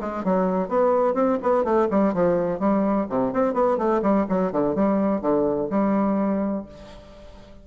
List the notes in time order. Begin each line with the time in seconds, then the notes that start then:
0.00 G#3
0.24 F#3
0.68 B3
1.14 C4
1.42 B3
1.64 A3
1.90 G3
2.14 F3
2.59 G3
3.09 C3
3.33 C4
3.54 B3
3.78 A3
4.02 G3
4.29 F#3
4.52 D3
4.75 G3
5.21 D3
5.70 G3